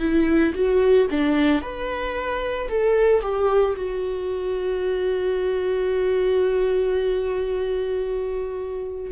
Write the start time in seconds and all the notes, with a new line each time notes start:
0.00 E4
0.55 F#4
1.11 D4
1.62 B4
2.69 A4
3.22 G4
3.76 F#4